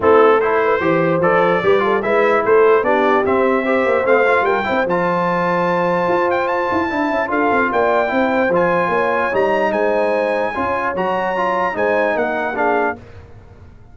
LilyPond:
<<
  \new Staff \with { instrumentName = "trumpet" } { \time 4/4 \tempo 4 = 148 a'4 c''2 d''4~ | d''4 e''4 c''4 d''4 | e''2 f''4 g''4 | a''2.~ a''8 g''8 |
a''2 f''4 g''4~ | g''4 gis''2 ais''4 | gis''2. ais''4~ | ais''4 gis''4 fis''4 f''4 | }
  \new Staff \with { instrumentName = "horn" } { \time 4/4 e'4 a'8 b'8 c''2 | b'8 a'8 b'4 a'4 g'4~ | g'4 c''2 ais'8 c''8~ | c''1~ |
c''4 e''4 a'4 d''4 | c''2 cis''2 | c''2 cis''2~ | cis''4 c''4 ais'4 gis'4 | }
  \new Staff \with { instrumentName = "trombone" } { \time 4/4 c'4 e'4 g'4 a'4 | g'8 f'8 e'2 d'4 | c'4 g'4 c'8 f'4 e'8 | f'1~ |
f'4 e'4 f'2 | e'4 f'2 dis'4~ | dis'2 f'4 fis'4 | f'4 dis'2 d'4 | }
  \new Staff \with { instrumentName = "tuba" } { \time 4/4 a2 e4 f4 | g4 gis4 a4 b4 | c'4. ais8 a4 g8 c'8 | f2. f'4~ |
f'8 e'8 d'8 cis'8 d'8 c'8 ais4 | c'4 f4 ais4 g4 | gis2 cis'4 fis4~ | fis4 gis4 ais2 | }
>>